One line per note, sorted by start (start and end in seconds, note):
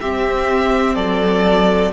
0.00 0.95 C4
0.00 1.92 C4
0.00 0.94 G4
0.00 0.94 E5
0.94 1.92 F#3
0.94 1.91 A4
0.94 1.91 D5